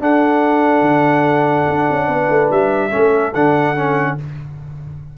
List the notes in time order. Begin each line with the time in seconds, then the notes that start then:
0.00 D4 A4 F#5
0.82 D3
1.69 D4
1.91 C#4
2.08 B3 B4
2.29 A3
2.51 G3 E5
2.90 A3 C#4 A4
3.34 D3 D4 F#5
3.76 C#4